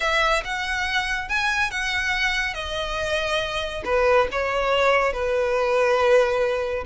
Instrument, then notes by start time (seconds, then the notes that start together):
violin
0.00 E5
0.44 F#5
1.28 G#5
1.70 F#5
2.54 D#5
3.84 B4
4.31 C#5
5.13 B4